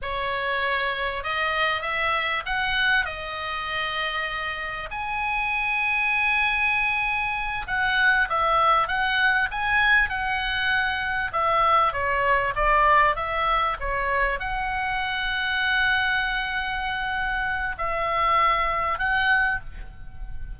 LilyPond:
\new Staff \with { instrumentName = "oboe" } { \time 4/4 \tempo 4 = 98 cis''2 dis''4 e''4 | fis''4 dis''2. | gis''1~ | gis''8 fis''4 e''4 fis''4 gis''8~ |
gis''8 fis''2 e''4 cis''8~ | cis''8 d''4 e''4 cis''4 fis''8~ | fis''1~ | fis''4 e''2 fis''4 | }